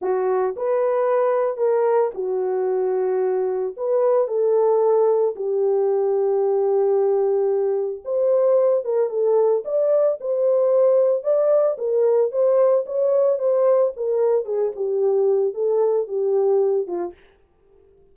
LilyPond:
\new Staff \with { instrumentName = "horn" } { \time 4/4 \tempo 4 = 112 fis'4 b'2 ais'4 | fis'2. b'4 | a'2 g'2~ | g'2. c''4~ |
c''8 ais'8 a'4 d''4 c''4~ | c''4 d''4 ais'4 c''4 | cis''4 c''4 ais'4 gis'8 g'8~ | g'4 a'4 g'4. f'8 | }